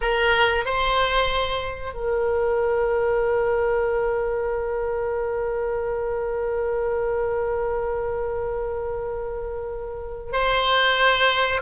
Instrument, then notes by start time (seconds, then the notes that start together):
oboe
0.01 A#4
0.65 C5
1.93 A#4
10.32 C5